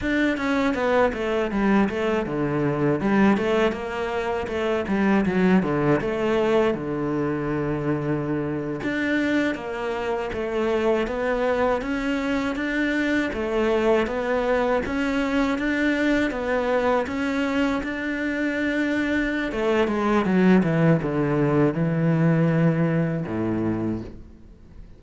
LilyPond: \new Staff \with { instrumentName = "cello" } { \time 4/4 \tempo 4 = 80 d'8 cis'8 b8 a8 g8 a8 d4 | g8 a8 ais4 a8 g8 fis8 d8 | a4 d2~ d8. d'16~ | d'8. ais4 a4 b4 cis'16~ |
cis'8. d'4 a4 b4 cis'16~ | cis'8. d'4 b4 cis'4 d'16~ | d'2 a8 gis8 fis8 e8 | d4 e2 a,4 | }